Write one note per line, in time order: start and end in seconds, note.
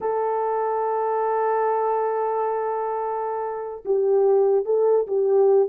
0.00 3.83 A4
3.85 4.65 G4
4.65 5.06 A4
5.07 5.68 G4